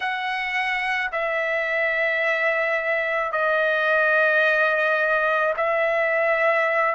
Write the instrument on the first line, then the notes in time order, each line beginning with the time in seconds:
trumpet
0.00 F#5
1.12 E5
3.31 D#5
5.56 E5